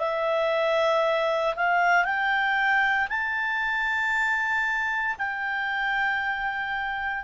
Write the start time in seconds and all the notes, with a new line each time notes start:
0.00 E5
1.56 F5
2.05 G5
3.09 A5
5.19 G5